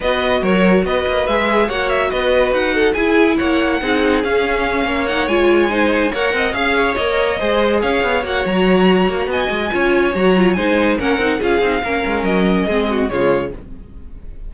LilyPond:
<<
  \new Staff \with { instrumentName = "violin" } { \time 4/4 \tempo 4 = 142 dis''4 cis''4 dis''4 e''4 | fis''8 e''8 dis''4 fis''4 gis''4 | fis''2 f''2 | fis''8 gis''2 fis''4 f''8~ |
f''8 dis''2 f''4 fis''8 | ais''2 gis''2 | ais''4 gis''4 fis''4 f''4~ | f''4 dis''2 cis''4 | }
  \new Staff \with { instrumentName = "violin" } { \time 4/4 b'4 ais'4 b'2 | cis''4 b'4. a'8 gis'4 | cis''4 gis'2~ gis'8 cis''8~ | cis''4. c''4 cis''8 dis''8 f''8 |
cis''4. c''4 cis''4.~ | cis''2 dis''4 cis''4~ | cis''4 c''4 ais'4 gis'4 | ais'2 gis'8 fis'8 f'4 | }
  \new Staff \with { instrumentName = "viola" } { \time 4/4 fis'2. gis'4 | fis'2. e'4~ | e'4 dis'4 cis'2 | dis'8 f'4 dis'4 ais'4 gis'8~ |
gis'8 ais'4 gis'2 fis'8~ | fis'2. f'4 | fis'8 f'8 dis'4 cis'8 dis'8 f'8 dis'8 | cis'2 c'4 gis4 | }
  \new Staff \with { instrumentName = "cello" } { \time 4/4 b4 fis4 b8 ais8 gis4 | ais4 b4 dis'4 e'4 | ais4 c'4 cis'4. ais8~ | ais8 gis2 ais8 c'8 cis'8~ |
cis'8 ais4 gis4 cis'8 b8 ais8 | fis4. ais8 b8 gis8 cis'4 | fis4 gis4 ais8 c'8 cis'8 c'8 | ais8 gis8 fis4 gis4 cis4 | }
>>